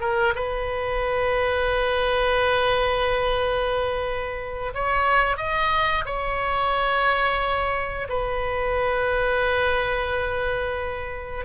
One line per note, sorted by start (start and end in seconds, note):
0.00 0.34 A#4
0.35 4.73 B4
4.74 5.37 C#5
5.37 6.04 D#5
6.05 8.07 C#5
8.09 11.45 B4